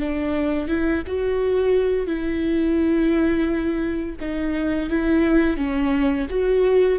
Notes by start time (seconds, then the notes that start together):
0.00 D4
0.68 E4
1.07 F#4
2.07 E4
4.21 D#4
4.90 E4
5.57 C#4
6.30 F#4